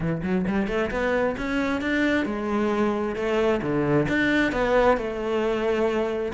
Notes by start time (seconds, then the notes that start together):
0.00 E3
0.23 F#3
0.47 G3
0.67 A3
0.90 B3
1.37 C#4
1.81 D4
2.25 G#3
3.15 A3
3.62 D3
4.08 D4
4.52 B3
4.97 A3